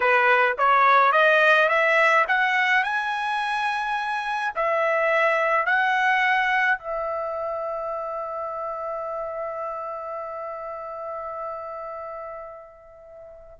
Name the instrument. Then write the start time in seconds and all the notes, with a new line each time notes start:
trumpet
0.00 B4
0.58 C#5
1.12 D#5
1.68 E5
2.27 F#5
2.83 G#5
4.55 E5
5.66 F#5
6.78 E5